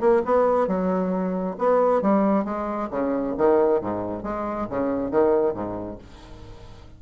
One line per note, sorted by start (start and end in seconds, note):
0.00 0.22 A#3
0.25 0.67 B3
0.67 1.56 F#3
1.58 2.02 B3
2.02 2.45 G3
2.45 2.89 G#3
2.91 3.35 C#3
3.38 3.81 D#3
3.81 4.23 G#2
4.23 4.67 G#3
4.70 5.11 C#3
5.11 5.54 D#3
5.54 5.98 G#2